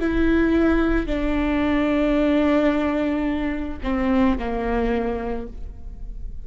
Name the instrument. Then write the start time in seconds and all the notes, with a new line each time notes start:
viola
0.00 E4
1.06 D4
3.83 C4
4.38 A#3